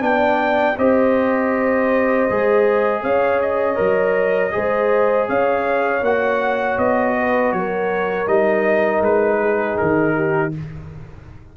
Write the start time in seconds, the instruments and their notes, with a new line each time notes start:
0.00 tuba B3, trombone D4, trumpet G5
0.07 horn D5
0.78 tuba C4, trombone G4, horn C5, trumpet D#5
2.30 tuba G#3, trombone G#4
3.03 tuba C#4, horn C#5, trumpet F5
3.42 trumpet D#5
3.75 tuba F#3, trombone A#4
4.51 tuba G#3, trombone G#4, horn C5
5.29 tuba C#4, horn C#5, trumpet F5
6.02 tuba A#3, trombone F#4, trumpet F#5
6.78 tuba B3, trumpet D#5
7.19 horn B4
7.53 tuba F#3, horn A#4, trumpet C#5
8.27 tuba G3, trombone D#4, trumpet D#5
9.01 tuba G#3, trumpet B4
9.40 horn G#4
9.78 tuba D#3, trumpet A#4
10.15 horn G4